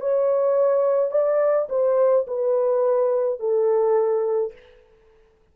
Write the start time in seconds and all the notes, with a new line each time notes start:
0.00 C#5
1.11 D5
1.69 C5
2.27 B4
3.40 A4